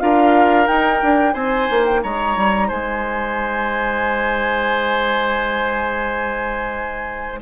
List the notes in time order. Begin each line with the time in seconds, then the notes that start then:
0.00 D4 F4 A#4 F5
0.66 D#4 G5
1.02 D4
1.34 C4 C5 G#5
1.71 A#3
1.85 G5
2.03 G#3 C#5 A#5
2.37 G3
2.68 G#3 C5 G#5